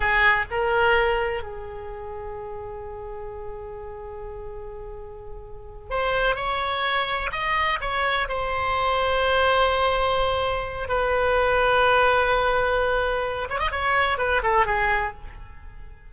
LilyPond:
\new Staff \with { instrumentName = "oboe" } { \time 4/4 \tempo 4 = 127 gis'4 ais'2 gis'4~ | gis'1~ | gis'1~ | gis'8 c''4 cis''2 dis''8~ |
dis''8 cis''4 c''2~ c''8~ | c''2. b'4~ | b'1~ | b'8 cis''16 dis''16 cis''4 b'8 a'8 gis'4 | }